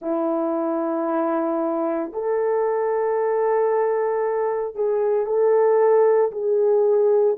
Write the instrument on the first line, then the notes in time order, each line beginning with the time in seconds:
horn
0.01 E4
2.12 A4
4.75 G#4
5.25 A4
6.31 G#4